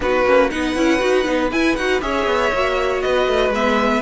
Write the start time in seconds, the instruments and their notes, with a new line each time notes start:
0.00 cello B3, viola D#4, violin F#4 B4
0.25 cello A#3, viola C#4
0.50 cello B3, viola D#4, violin B4 F#5
0.75 cello C#4, viola E4
0.99 cello D#4, viola F#4
1.24 cello B3, viola D#4
1.51 cello E4, viola E4, violin G#5
1.76 cello D#4, viola F#4, violin F#5
2.00 cello C#4, viola G#4, violin C#5 E5
2.25 cello B3
2.53 cello A#3, viola F#4
3.01 cello B3, violin B4 D#5
3.27 cello A3
3.49 cello G#3, viola B3, violin E5